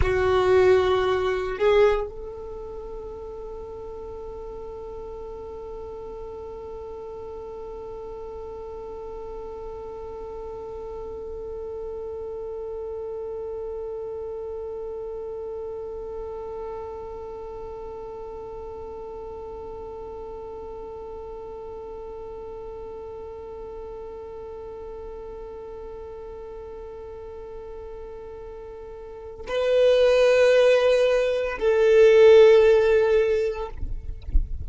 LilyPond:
\new Staff \with { instrumentName = "violin" } { \time 4/4 \tempo 4 = 57 fis'4. gis'8 a'2~ | a'1~ | a'1~ | a'1~ |
a'1~ | a'1~ | a'1 | b'2 a'2 | }